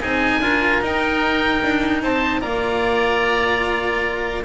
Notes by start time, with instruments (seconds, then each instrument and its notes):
0.00 double bass C4, cello D#4, oboe G#4 G#5
0.39 double bass D4, cello F4, oboe A#4
0.80 double bass D#4, cello D#4, oboe G5
1.63 double bass D4
2.03 double bass C4, oboe C5 A5
2.41 double bass A#3, cello F4, oboe D5 A#5